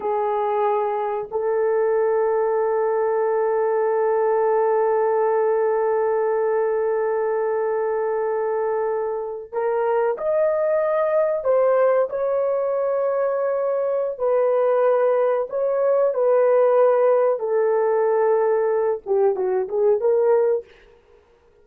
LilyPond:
\new Staff \with { instrumentName = "horn" } { \time 4/4 \tempo 4 = 93 gis'2 a'2~ | a'1~ | a'1~ | a'2~ a'8. ais'4 dis''16~ |
dis''4.~ dis''16 c''4 cis''4~ cis''16~ | cis''2 b'2 | cis''4 b'2 a'4~ | a'4. g'8 fis'8 gis'8 ais'4 | }